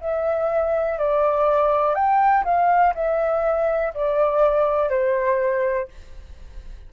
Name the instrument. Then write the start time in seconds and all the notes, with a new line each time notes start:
flute
0.00 E5
0.98 D5
1.94 G5
2.44 F5
2.95 E5
3.94 D5
4.90 C5